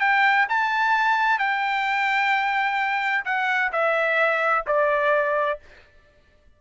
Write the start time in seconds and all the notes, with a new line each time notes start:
0.00 G5
0.49 A5
1.38 G5
3.25 F#5
3.72 E5
4.66 D5